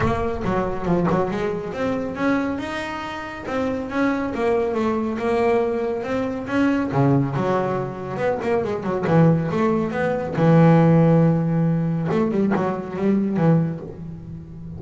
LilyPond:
\new Staff \with { instrumentName = "double bass" } { \time 4/4 \tempo 4 = 139 ais4 fis4 f8 fis8 gis4 | c'4 cis'4 dis'2 | c'4 cis'4 ais4 a4 | ais2 c'4 cis'4 |
cis4 fis2 b8 ais8 | gis8 fis8 e4 a4 b4 | e1 | a8 g8 fis4 g4 e4 | }